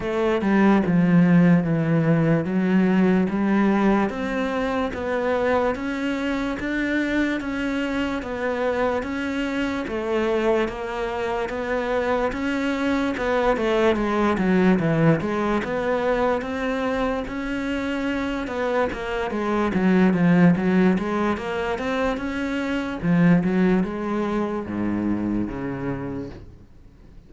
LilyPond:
\new Staff \with { instrumentName = "cello" } { \time 4/4 \tempo 4 = 73 a8 g8 f4 e4 fis4 | g4 c'4 b4 cis'4 | d'4 cis'4 b4 cis'4 | a4 ais4 b4 cis'4 |
b8 a8 gis8 fis8 e8 gis8 b4 | c'4 cis'4. b8 ais8 gis8 | fis8 f8 fis8 gis8 ais8 c'8 cis'4 | f8 fis8 gis4 gis,4 cis4 | }